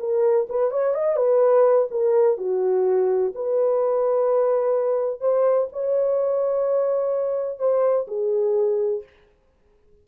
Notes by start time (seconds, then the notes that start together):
0.00 A#4
0.50 B4
0.71 C#5
0.95 D#5
1.17 B4
1.91 A#4
2.38 F#4
3.35 B4
5.21 C5
5.73 C#5
7.59 C5
8.08 G#4